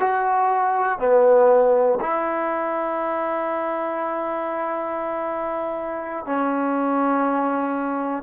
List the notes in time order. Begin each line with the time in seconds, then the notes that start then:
0.00 F#4
0.99 B3
2.00 E4
6.25 C#4